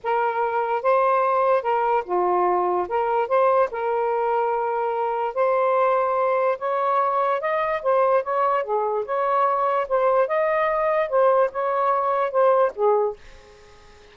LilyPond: \new Staff \with { instrumentName = "saxophone" } { \time 4/4 \tempo 4 = 146 ais'2 c''2 | ais'4 f'2 ais'4 | c''4 ais'2.~ | ais'4 c''2. |
cis''2 dis''4 c''4 | cis''4 gis'4 cis''2 | c''4 dis''2 c''4 | cis''2 c''4 gis'4 | }